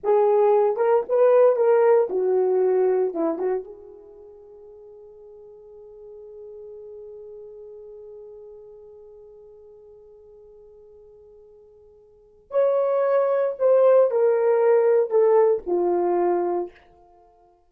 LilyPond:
\new Staff \with { instrumentName = "horn" } { \time 4/4 \tempo 4 = 115 gis'4. ais'8 b'4 ais'4 | fis'2 e'8 fis'8 gis'4~ | gis'1~ | gis'1~ |
gis'1~ | gis'1 | cis''2 c''4 ais'4~ | ais'4 a'4 f'2 | }